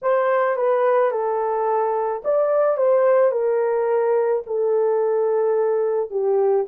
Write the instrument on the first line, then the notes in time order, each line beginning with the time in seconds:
horn
0.02 C5
0.56 B4
1.11 A4
2.24 D5
2.77 C5
3.31 A#4
4.46 A4
6.10 G4